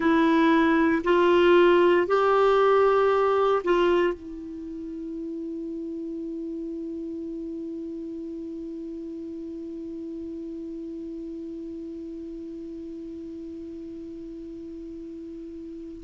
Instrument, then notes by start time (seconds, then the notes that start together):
clarinet
0.00 E4
1.03 F4
2.07 G4
3.64 F4
4.13 E4